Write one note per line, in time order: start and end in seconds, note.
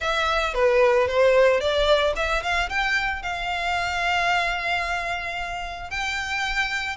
0.00 0.54 E5
0.54 1.07 B4
1.07 1.60 C5
1.60 2.13 D5
2.16 2.42 E5
2.43 2.69 F5
2.69 3.22 G5
3.22 5.90 F5
5.90 6.96 G5